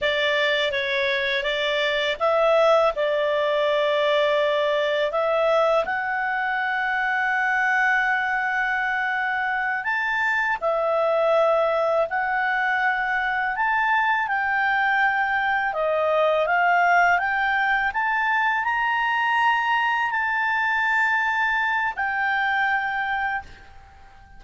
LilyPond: \new Staff \with { instrumentName = "clarinet" } { \time 4/4 \tempo 4 = 82 d''4 cis''4 d''4 e''4 | d''2. e''4 | fis''1~ | fis''4. a''4 e''4.~ |
e''8 fis''2 a''4 g''8~ | g''4. dis''4 f''4 g''8~ | g''8 a''4 ais''2 a''8~ | a''2 g''2 | }